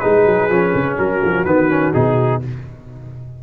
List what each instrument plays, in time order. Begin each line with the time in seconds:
0.00 tuba G#3, trombone D#4, horn G#4, trumpet B4
0.26 tuba F#3
0.49 tuba F3, trombone C#4
0.75 tuba C#3
0.96 tuba F#3, horn F#4, trumpet A#4
1.24 tuba F3
1.45 tuba D#3, trombone B3, trumpet B4
1.70 trombone C#4
1.94 tuba B2, trombone D#4, trumpet G#4